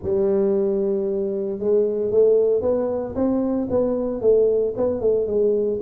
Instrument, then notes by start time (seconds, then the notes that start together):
tuba
0.02 G3
1.59 G#3
2.11 A3
2.61 B3
3.15 C4
3.69 B3
4.21 A3
4.76 B3
5.00 A3
5.26 G#3